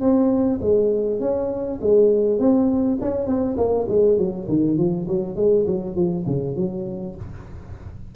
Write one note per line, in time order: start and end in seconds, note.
0.00 0.59 C4
0.61 1.20 G#3
1.20 1.79 C#4
1.81 2.39 G#3
2.39 2.98 C4
3.01 3.27 C#4
3.27 3.56 C4
3.57 3.87 A#3
3.88 4.18 G#3
4.18 4.48 F#3
4.49 4.77 D#3
4.77 5.07 F3
5.08 5.36 F#3
5.36 5.66 G#3
5.66 5.96 F#3
5.96 6.25 F3
6.26 6.56 C#3
6.56 7.15 F#3